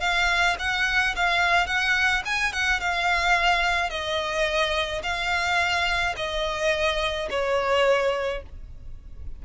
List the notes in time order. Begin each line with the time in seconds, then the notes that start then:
0.00 F5
0.59 F#5
1.15 F5
1.66 F#5
2.25 G#5
2.53 F#5
2.80 F5
3.90 D#5
5.03 F5
6.16 D#5
7.30 C#5